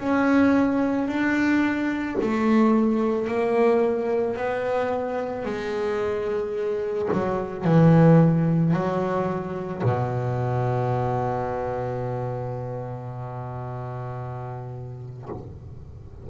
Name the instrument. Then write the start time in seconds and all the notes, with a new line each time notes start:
double bass
0.00 C#4
1.08 D4
2.22 A3
3.28 A#3
4.37 B3
5.45 G#3
7.13 F#3
7.65 E3
8.74 F#3
9.84 B2